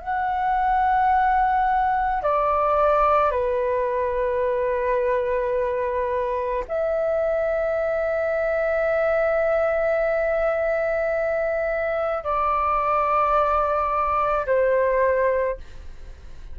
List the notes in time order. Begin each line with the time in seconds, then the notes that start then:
0.00 F#5
2.22 D5
3.31 B4
6.68 E5
12.23 D5
14.46 C5